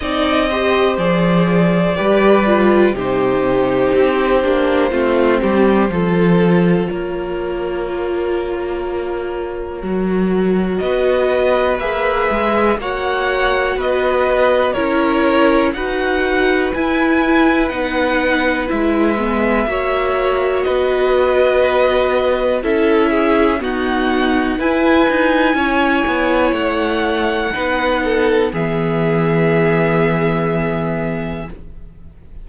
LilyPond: <<
  \new Staff \with { instrumentName = "violin" } { \time 4/4 \tempo 4 = 61 dis''4 d''2 c''4~ | c''2. cis''4~ | cis''2. dis''4 | e''4 fis''4 dis''4 cis''4 |
fis''4 gis''4 fis''4 e''4~ | e''4 dis''2 e''4 | fis''4 gis''2 fis''4~ | fis''4 e''2. | }
  \new Staff \with { instrumentName = "violin" } { \time 4/4 d''8 c''4. b'4 g'4~ | g'4 f'8 g'8 a'4 ais'4~ | ais'2. b'4~ | b'4 cis''4 b'4 ais'4 |
b'1 | cis''4 b'2 a'8 gis'8 | fis'4 b'4 cis''2 | b'8 a'8 gis'2. | }
  \new Staff \with { instrumentName = "viola" } { \time 4/4 dis'8 g'8 gis'4 g'8 f'8 dis'4~ | dis'8 d'8 c'4 f'2~ | f'2 fis'2 | gis'4 fis'2 e'4 |
fis'4 e'4 dis'4 e'8 b8 | fis'2. e'4 | b4 e'2. | dis'4 b2. | }
  \new Staff \with { instrumentName = "cello" } { \time 4/4 c'4 f4 g4 c4 | c'8 ais8 a8 g8 f4 ais4~ | ais2 fis4 b4 | ais8 gis8 ais4 b4 cis'4 |
dis'4 e'4 b4 gis4 | ais4 b2 cis'4 | dis'4 e'8 dis'8 cis'8 b8 a4 | b4 e2. | }
>>